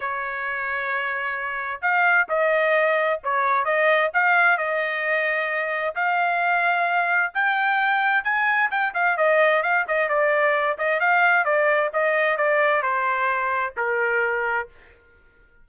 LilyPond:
\new Staff \with { instrumentName = "trumpet" } { \time 4/4 \tempo 4 = 131 cis''1 | f''4 dis''2 cis''4 | dis''4 f''4 dis''2~ | dis''4 f''2. |
g''2 gis''4 g''8 f''8 | dis''4 f''8 dis''8 d''4. dis''8 | f''4 d''4 dis''4 d''4 | c''2 ais'2 | }